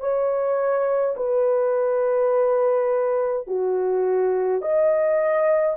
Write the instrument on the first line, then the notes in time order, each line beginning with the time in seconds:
horn
0.00 C#5
1.16 B4
3.47 F#4
4.62 D#5